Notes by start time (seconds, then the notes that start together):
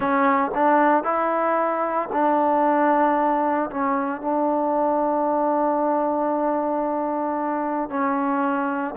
0.00 C#4
0.54 D4
1.03 E4
2.12 D4
3.70 C#4
4.21 D4
7.89 C#4